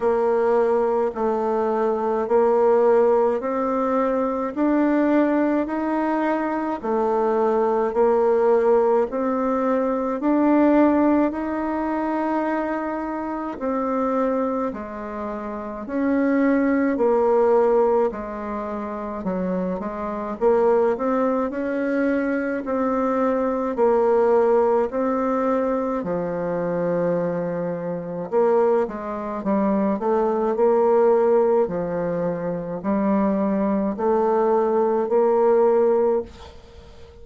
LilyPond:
\new Staff \with { instrumentName = "bassoon" } { \time 4/4 \tempo 4 = 53 ais4 a4 ais4 c'4 | d'4 dis'4 a4 ais4 | c'4 d'4 dis'2 | c'4 gis4 cis'4 ais4 |
gis4 fis8 gis8 ais8 c'8 cis'4 | c'4 ais4 c'4 f4~ | f4 ais8 gis8 g8 a8 ais4 | f4 g4 a4 ais4 | }